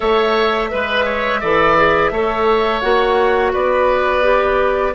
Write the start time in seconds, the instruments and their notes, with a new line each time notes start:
0.00 bassoon A3, clarinet A4, oboe C#5, flute E5
0.70 bassoon G#3, clarinet B4, oboe B4
1.05 oboe C#5
1.40 bassoon E3, clarinet A4, oboe D5
1.76 clarinet G#4
2.10 bassoon A3, clarinet A4, oboe C#5
2.80 bassoon A#3, clarinet F#4, flute F#5
3.52 bassoon B3, oboe B4, flute D5
4.22 clarinet G4